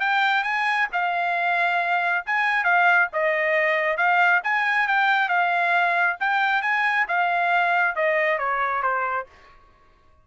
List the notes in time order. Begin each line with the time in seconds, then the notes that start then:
0.00 G5
0.44 G#5
0.92 F5
2.26 G#5
2.64 F5
3.13 D#5
3.97 F5
4.44 G#5
4.87 G5
5.29 F5
6.20 G5
6.62 G#5
7.08 F5
7.96 D#5
8.38 C#5
8.82 C5